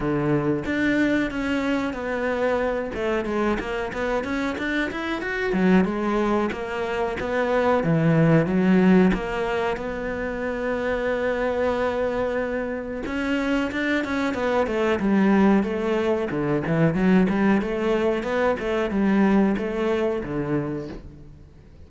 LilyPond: \new Staff \with { instrumentName = "cello" } { \time 4/4 \tempo 4 = 92 d4 d'4 cis'4 b4~ | b8 a8 gis8 ais8 b8 cis'8 d'8 e'8 | fis'8 fis8 gis4 ais4 b4 | e4 fis4 ais4 b4~ |
b1 | cis'4 d'8 cis'8 b8 a8 g4 | a4 d8 e8 fis8 g8 a4 | b8 a8 g4 a4 d4 | }